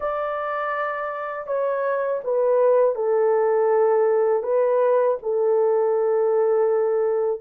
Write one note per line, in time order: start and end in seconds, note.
0.00 1.46 D5
1.46 2.21 C#5
2.24 2.95 B4
2.95 4.42 A4
4.42 5.17 B4
5.22 7.41 A4